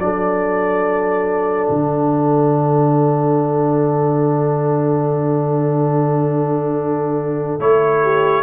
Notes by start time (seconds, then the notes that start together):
0.00 F#3 D4 A4 D5
1.69 D3 F#5
7.60 A3 E4 C#5
8.03 G4